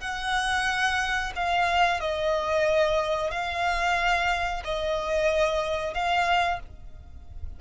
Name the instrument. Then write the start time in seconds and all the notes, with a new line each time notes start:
violin
0.00 F#5
1.35 F5
2.00 D#5
3.31 F5
4.64 D#5
5.93 F5